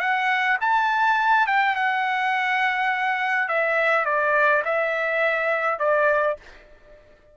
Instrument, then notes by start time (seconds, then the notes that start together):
trumpet
0.00 F#5
0.61 A5
1.47 G5
1.75 F#5
3.49 E5
4.05 D5
4.65 E5
5.79 D5